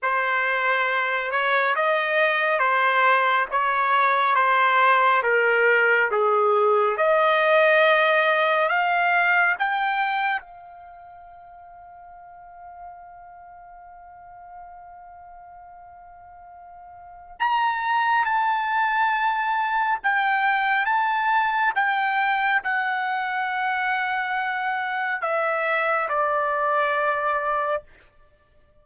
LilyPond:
\new Staff \with { instrumentName = "trumpet" } { \time 4/4 \tempo 4 = 69 c''4. cis''8 dis''4 c''4 | cis''4 c''4 ais'4 gis'4 | dis''2 f''4 g''4 | f''1~ |
f''1 | ais''4 a''2 g''4 | a''4 g''4 fis''2~ | fis''4 e''4 d''2 | }